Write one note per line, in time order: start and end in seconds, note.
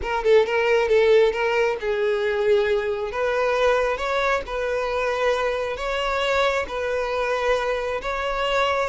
0.02 0.24 A#4
0.24 0.45 A4
0.45 0.88 A#4
0.88 1.32 A4
1.32 1.77 A#4
1.80 3.11 G#4
3.11 3.97 B4
3.97 4.41 C#5
4.46 5.76 B4
5.76 6.65 C#5
6.67 8.01 B4
8.01 8.89 C#5